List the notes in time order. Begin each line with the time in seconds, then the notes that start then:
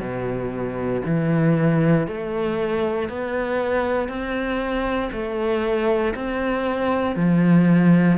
0.00 B2
1.05 E3
2.07 A3
3.09 B3
4.08 C4
5.12 A3
6.14 C4
7.16 F3